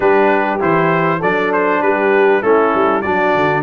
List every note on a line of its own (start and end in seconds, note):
0.00 0.59 G3
0.00 0.59 D4
0.00 1.19 G4
0.00 0.60 B4
0.60 1.22 E3
0.60 1.20 E4
0.60 1.21 C5
1.19 1.82 F#3
1.19 2.43 D4
1.19 1.79 A4
1.19 1.52 D5
1.52 1.82 C5
1.82 2.42 G3
1.82 2.42 G4
1.82 2.42 B4
2.42 2.73 A3
2.42 3.03 C#4
2.42 3.02 E4
2.42 3.01 A4
2.74 3.04 G3
3.01 3.35 F#3
3.01 3.62 D4
3.01 3.62 F#4
3.01 3.62 D5
3.35 3.62 D3